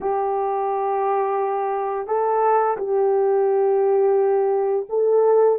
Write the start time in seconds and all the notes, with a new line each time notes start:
0.00 G4
2.07 A4
2.77 G4
4.89 A4